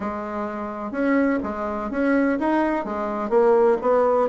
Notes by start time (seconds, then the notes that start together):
0.00 G#3
0.91 C#4
1.43 G#3
1.90 C#4
2.39 D#4
2.84 G#3
3.29 A#3
3.81 B3